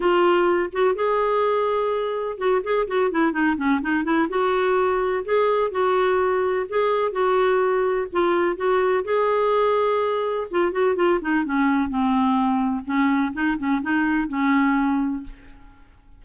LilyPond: \new Staff \with { instrumentName = "clarinet" } { \time 4/4 \tempo 4 = 126 f'4. fis'8 gis'2~ | gis'4 fis'8 gis'8 fis'8 e'8 dis'8 cis'8 | dis'8 e'8 fis'2 gis'4 | fis'2 gis'4 fis'4~ |
fis'4 f'4 fis'4 gis'4~ | gis'2 f'8 fis'8 f'8 dis'8 | cis'4 c'2 cis'4 | dis'8 cis'8 dis'4 cis'2 | }